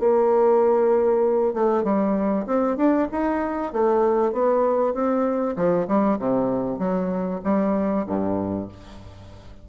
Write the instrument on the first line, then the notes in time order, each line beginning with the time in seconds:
bassoon
0.00 A#3
1.54 A3
1.84 G3
2.47 C4
2.77 D4
3.12 D#4
3.73 A3
4.33 B3
4.95 C4
5.57 F3
5.88 G3
6.19 C3
6.79 F#3
7.45 G3
8.07 G2